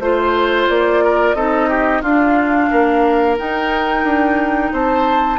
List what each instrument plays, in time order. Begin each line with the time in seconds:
0.00 bassoon A3, clarinet F4, flute C5, oboe C5
0.70 bassoon A#3, flute D5
1.04 oboe A#4
1.35 bassoon C4, clarinet D#4, oboe A4, flute D#5
1.70 oboe G4
2.02 bassoon D4, clarinet D4, oboe F4, flute F5
2.71 bassoon A#3, oboe A#4
3.38 clarinet D#4, bassoon D#4, flute G5
4.04 bassoon D4
4.72 bassoon C4, oboe C5, flute A5